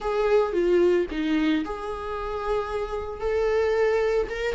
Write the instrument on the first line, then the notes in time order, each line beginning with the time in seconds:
viola
0.00 G#4
0.52 F4
1.10 D#4
1.65 G#4
3.20 A4
4.29 A#4